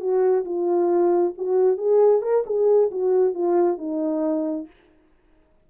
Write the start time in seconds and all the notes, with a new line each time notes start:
0.00 F#4
0.45 F4
1.38 F#4
1.77 G#4
2.22 A#4
2.46 G#4
2.91 F#4
3.34 F4
3.78 D#4